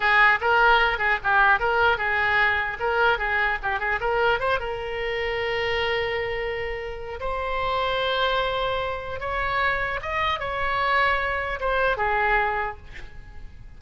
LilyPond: \new Staff \with { instrumentName = "oboe" } { \time 4/4 \tempo 4 = 150 gis'4 ais'4. gis'8 g'4 | ais'4 gis'2 ais'4 | gis'4 g'8 gis'8 ais'4 c''8 ais'8~ | ais'1~ |
ais'2 c''2~ | c''2. cis''4~ | cis''4 dis''4 cis''2~ | cis''4 c''4 gis'2 | }